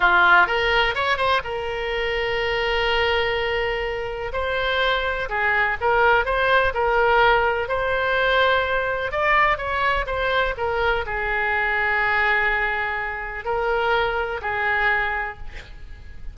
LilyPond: \new Staff \with { instrumentName = "oboe" } { \time 4/4 \tempo 4 = 125 f'4 ais'4 cis''8 c''8 ais'4~ | ais'1~ | ais'4 c''2 gis'4 | ais'4 c''4 ais'2 |
c''2. d''4 | cis''4 c''4 ais'4 gis'4~ | gis'1 | ais'2 gis'2 | }